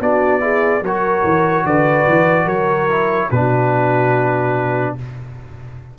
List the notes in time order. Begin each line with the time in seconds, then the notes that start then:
0.00 B3 D4 F#4 D5
0.40 E4 G#4
0.82 F#3 F#4 A#4 C#5
1.24 E3
1.65 D3 B4 D5
2.07 E3
2.45 F#3 A#4 C#5
2.89 E4
3.30 B2 D4 F#4 B4